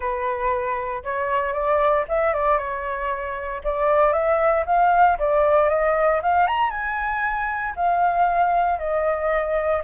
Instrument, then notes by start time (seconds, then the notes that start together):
flute
0.00 B4
1.03 C#5
1.53 D5
2.08 E5
2.33 D5
2.58 C#5
3.63 D5
4.12 E5
4.66 F5
5.18 D5
5.69 D#5
6.22 F5
6.47 A#5
6.70 G#5
7.75 F5
8.79 D#5